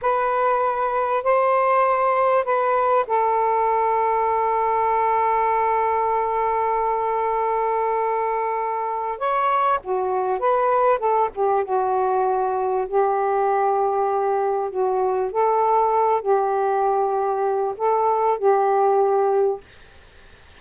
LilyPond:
\new Staff \with { instrumentName = "saxophone" } { \time 4/4 \tempo 4 = 98 b'2 c''2 | b'4 a'2.~ | a'1~ | a'2. cis''4 |
fis'4 b'4 a'8 g'8 fis'4~ | fis'4 g'2. | fis'4 a'4. g'4.~ | g'4 a'4 g'2 | }